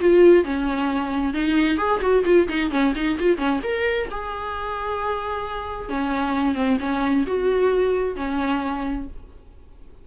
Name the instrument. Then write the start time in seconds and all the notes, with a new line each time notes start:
viola
0.00 F4
0.44 C#4
1.34 D#4
1.78 G#4
2.01 F#4
2.25 F4
2.48 D#4
2.71 C#4
2.95 D#4
3.19 F4
3.38 C#4
3.63 A#4
4.11 G#4
5.89 C#4
6.55 C4
6.80 C#4
7.27 F#4
8.16 C#4